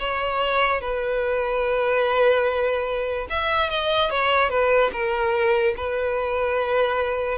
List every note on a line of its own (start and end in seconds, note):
0.00 0.81 C#5
0.81 3.28 B4
3.30 3.70 E5
3.70 4.11 D#5
4.11 4.50 C#5
4.50 4.91 B4
4.93 5.75 A#4
5.77 7.39 B4